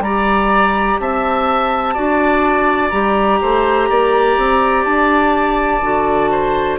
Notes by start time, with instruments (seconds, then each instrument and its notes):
0.00 bassoon G3, clarinet G4, oboe D5, flute A#5
1.00 bassoon C4, oboe E5, flute A5
1.94 bassoon D4, clarinet F#4, oboe D5
2.90 bassoon G3, clarinet G4, flute A#5
3.41 bassoon A3, oboe C5
3.90 bassoon A#3, oboe D5
4.37 bassoon C4
4.84 bassoon D4, flute A5
5.81 bassoon D3, clarinet F#4
6.31 oboe C5